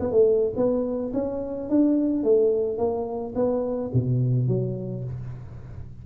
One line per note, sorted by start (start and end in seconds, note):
0.00 0.11 B3
0.11 0.54 A3
0.56 1.12 B3
1.13 1.69 C#4
1.69 2.24 D4
2.24 2.78 A3
2.78 3.34 A#3
3.35 3.91 B3
3.93 4.48 B2
4.48 5.04 F#3